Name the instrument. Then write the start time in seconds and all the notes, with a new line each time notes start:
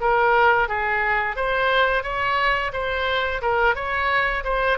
oboe
0.00 A#4
0.68 G#4
1.36 C5
2.03 C#5
2.73 C5
3.41 A#4
3.75 C#5
4.44 C5